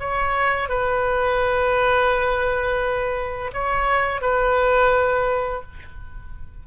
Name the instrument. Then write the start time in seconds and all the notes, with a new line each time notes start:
oboe
0.00 C#5
0.69 B4
3.53 C#5
4.21 B4